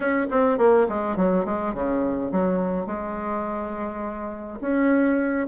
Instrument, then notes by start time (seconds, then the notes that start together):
bassoon
0.00 C#4
0.30 C4
0.57 A#3
0.89 G#3
1.16 F#3
1.45 G#3
1.74 C#3
2.31 F#3
2.86 G#3
4.60 C#4